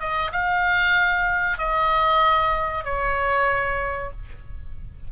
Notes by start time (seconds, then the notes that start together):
0.00 D#5
0.32 F5
1.58 D#5
2.84 C#5